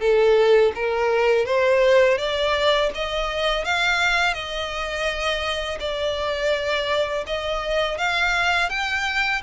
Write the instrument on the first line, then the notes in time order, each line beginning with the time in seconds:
violin
0.00 A4
0.75 A#4
1.45 C5
2.18 D5
2.94 D#5
3.64 F5
4.34 D#5
5.80 D5
7.26 D#5
7.97 F5
8.69 G5